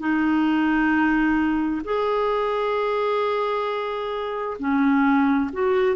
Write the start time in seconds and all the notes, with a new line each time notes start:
0.00 D#4
1.85 G#4
4.60 C#4
5.53 F#4